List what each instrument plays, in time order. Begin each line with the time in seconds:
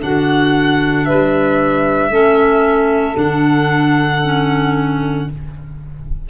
0.00 tuba D3, clarinet D4, saxophone F#4, violin F#5
1.05 tuba G3, saxophone B4, violin E5
2.10 tuba A3, clarinet C#4, saxophone A4
3.16 tuba D3, clarinet D4, violin F#5
4.25 clarinet C#4